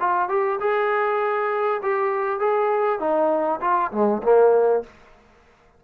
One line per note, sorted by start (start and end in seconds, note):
0.00 0.29 F4
0.29 0.59 G4
0.60 1.81 G#4
1.82 2.40 G4
2.40 2.99 G#4
2.99 3.60 D#4
3.61 3.91 F4
3.91 4.22 G#3
4.23 4.83 A#3